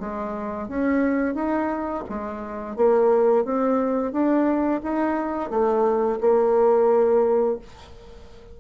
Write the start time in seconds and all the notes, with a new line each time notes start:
0.00 G#3
0.68 C#4
1.35 D#4
2.09 G#3
2.76 A#3
3.45 C4
4.12 D4
4.83 D#4
5.50 A3
6.21 A#3